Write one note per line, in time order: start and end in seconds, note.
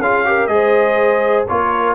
0.00 0.48 C#4
0.00 0.26 F4
0.00 0.27 G#4
0.00 0.47 F5
0.26 0.49 G4
0.26 0.53 A#4
0.47 1.46 G#3
0.47 1.47 G#4
0.47 1.50 C5
0.47 1.45 D#5
1.48 1.95 A#3
1.48 1.95 F4
1.48 1.95 A#4
1.48 1.95 C#5